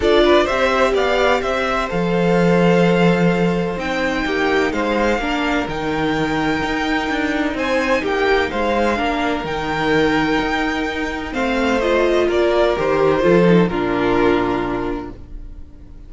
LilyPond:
<<
  \new Staff \with { instrumentName = "violin" } { \time 4/4 \tempo 4 = 127 d''4 e''4 f''4 e''4 | f''1 | g''2 f''2 | g''1 |
gis''4 g''4 f''2 | g''1 | f''4 dis''4 d''4 c''4~ | c''4 ais'2. | }
  \new Staff \with { instrumentName = "violin" } { \time 4/4 a'8 b'8 c''4 d''4 c''4~ | c''1~ | c''4 g'4 c''4 ais'4~ | ais'1 |
c''4 g'4 c''4 ais'4~ | ais'1 | c''2 ais'2 | a'4 f'2. | }
  \new Staff \with { instrumentName = "viola" } { \time 4/4 f'4 g'2. | a'1 | dis'2. d'4 | dis'1~ |
dis'2. d'4 | dis'1 | c'4 f'2 g'4 | f'8 dis'8 d'2. | }
  \new Staff \with { instrumentName = "cello" } { \time 4/4 d'4 c'4 b4 c'4 | f1 | c'4 ais4 gis4 ais4 | dis2 dis'4 d'4 |
c'4 ais4 gis4 ais4 | dis2 dis'2 | a2 ais4 dis4 | f4 ais,2. | }
>>